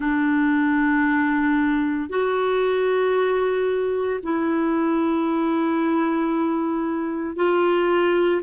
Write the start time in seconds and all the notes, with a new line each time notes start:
0.00 D4
2.09 F#4
4.22 E4
7.36 F4